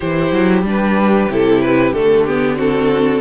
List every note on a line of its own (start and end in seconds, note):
0.00 0.32 E3
0.00 0.65 E4
0.00 2.56 G4
0.00 0.65 C5
0.32 0.62 F#3
0.62 1.26 G3
0.62 1.29 D4
0.68 1.32 B4
1.29 1.92 C3
1.29 1.95 E4
1.29 1.61 A4
1.61 1.93 B4
1.92 3.21 D3
1.92 2.27 A3
1.92 2.25 A4
2.25 2.56 B3
2.25 2.58 G4
2.56 3.21 C4
2.56 3.20 F#4
2.56 3.21 A4